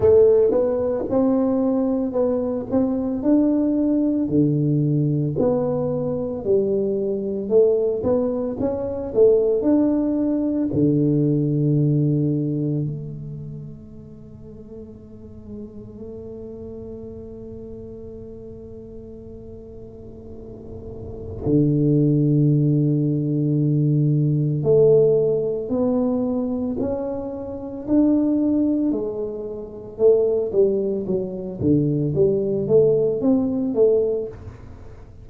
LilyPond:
\new Staff \with { instrumentName = "tuba" } { \time 4/4 \tempo 4 = 56 a8 b8 c'4 b8 c'8 d'4 | d4 b4 g4 a8 b8 | cis'8 a8 d'4 d2 | a1~ |
a1 | d2. a4 | b4 cis'4 d'4 gis4 | a8 g8 fis8 d8 g8 a8 c'8 a8 | }